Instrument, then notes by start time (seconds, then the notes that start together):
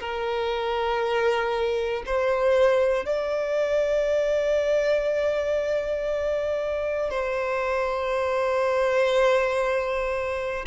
violin
0.00 A#4
2.06 C5
3.06 D5
7.10 C5